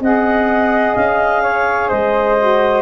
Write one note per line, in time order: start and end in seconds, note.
0.00 0.94 C4
0.00 2.38 G#4
0.00 1.43 D#5
0.00 0.96 F#5
0.96 1.90 C#4
0.96 1.89 F5
1.43 1.89 C#5
1.89 2.82 G#3
1.89 2.82 C5
1.89 2.82 D#5
2.38 2.82 F#4